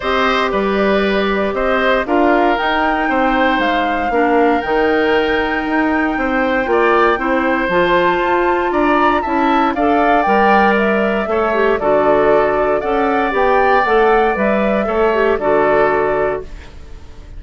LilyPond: <<
  \new Staff \with { instrumentName = "flute" } { \time 4/4 \tempo 4 = 117 dis''4 d''2 dis''4 | f''4 g''2 f''4~ | f''4 g''2.~ | g''2. a''4~ |
a''4 ais''4 a''4 f''4 | g''4 e''2 d''4~ | d''4 fis''4 g''4 fis''4 | e''2 d''2 | }
  \new Staff \with { instrumentName = "oboe" } { \time 4/4 c''4 b'2 c''4 | ais'2 c''2 | ais'1 | c''4 d''4 c''2~ |
c''4 d''4 e''4 d''4~ | d''2 cis''4 a'4~ | a'4 d''2.~ | d''4 cis''4 a'2 | }
  \new Staff \with { instrumentName = "clarinet" } { \time 4/4 g'1 | f'4 dis'2. | d'4 dis'2.~ | dis'4 f'4 e'4 f'4~ |
f'2 e'4 a'4 | ais'2 a'8 g'8 fis'4~ | fis'4 a'4 g'4 a'4 | b'4 a'8 g'8 fis'2 | }
  \new Staff \with { instrumentName = "bassoon" } { \time 4/4 c'4 g2 c'4 | d'4 dis'4 c'4 gis4 | ais4 dis2 dis'4 | c'4 ais4 c'4 f4 |
f'4 d'4 cis'4 d'4 | g2 a4 d4~ | d4 cis'4 b4 a4 | g4 a4 d2 | }
>>